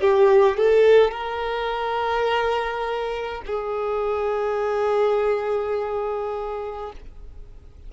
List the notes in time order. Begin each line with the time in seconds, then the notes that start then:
0.00 G4
0.57 A4
1.11 A#4
3.46 G#4